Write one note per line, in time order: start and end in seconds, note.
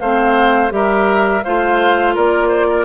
0.00 0.72 A3
0.00 0.70 C4
0.00 0.73 C5
0.00 0.71 F5
0.70 1.43 G3
0.70 1.42 G4
0.70 1.44 A#4
0.70 1.44 E5
1.44 2.17 A3
1.44 2.85 F4
1.44 2.15 C5
1.44 2.15 F5
2.15 2.85 A#3
2.15 2.48 A#4
2.15 2.85 D5
2.48 2.66 C5
2.70 2.85 A#4